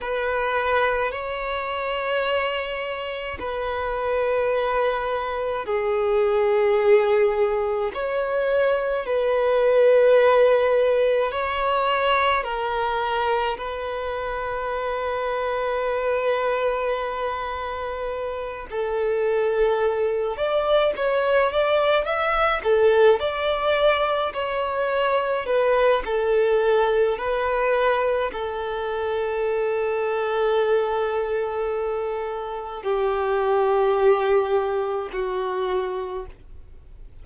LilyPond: \new Staff \with { instrumentName = "violin" } { \time 4/4 \tempo 4 = 53 b'4 cis''2 b'4~ | b'4 gis'2 cis''4 | b'2 cis''4 ais'4 | b'1~ |
b'8 a'4. d''8 cis''8 d''8 e''8 | a'8 d''4 cis''4 b'8 a'4 | b'4 a'2.~ | a'4 g'2 fis'4 | }